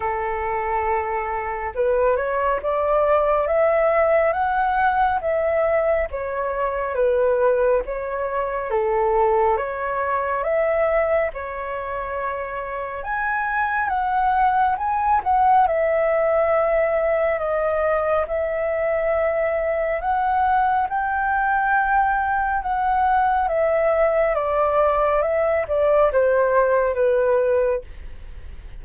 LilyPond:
\new Staff \with { instrumentName = "flute" } { \time 4/4 \tempo 4 = 69 a'2 b'8 cis''8 d''4 | e''4 fis''4 e''4 cis''4 | b'4 cis''4 a'4 cis''4 | e''4 cis''2 gis''4 |
fis''4 gis''8 fis''8 e''2 | dis''4 e''2 fis''4 | g''2 fis''4 e''4 | d''4 e''8 d''8 c''4 b'4 | }